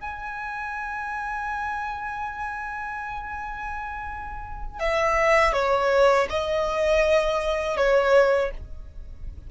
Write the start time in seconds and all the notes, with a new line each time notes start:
0.00 G#5
4.79 E5
5.53 C#5
6.29 D#5
7.76 C#5